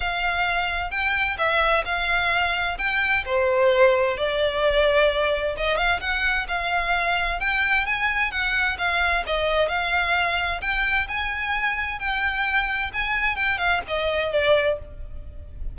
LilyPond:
\new Staff \with { instrumentName = "violin" } { \time 4/4 \tempo 4 = 130 f''2 g''4 e''4 | f''2 g''4 c''4~ | c''4 d''2. | dis''8 f''8 fis''4 f''2 |
g''4 gis''4 fis''4 f''4 | dis''4 f''2 g''4 | gis''2 g''2 | gis''4 g''8 f''8 dis''4 d''4 | }